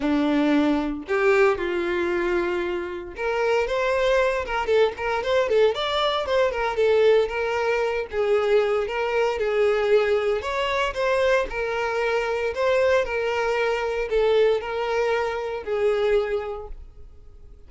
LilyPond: \new Staff \with { instrumentName = "violin" } { \time 4/4 \tempo 4 = 115 d'2 g'4 f'4~ | f'2 ais'4 c''4~ | c''8 ais'8 a'8 ais'8 c''8 a'8 d''4 | c''8 ais'8 a'4 ais'4. gis'8~ |
gis'4 ais'4 gis'2 | cis''4 c''4 ais'2 | c''4 ais'2 a'4 | ais'2 gis'2 | }